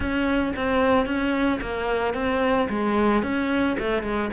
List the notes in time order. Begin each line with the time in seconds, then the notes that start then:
0.00 C#4
0.56 C4
1.06 C#4
1.61 A#3
2.14 C4
2.69 G#3
3.22 C#4
3.79 A3
4.03 G#3